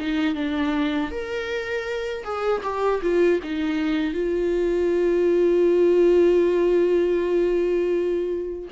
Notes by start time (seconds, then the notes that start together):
0.00 D#4
0.35 D4
1.11 A#4
2.24 G#4
2.64 G4
3.02 F4
3.43 D#4
4.14 F4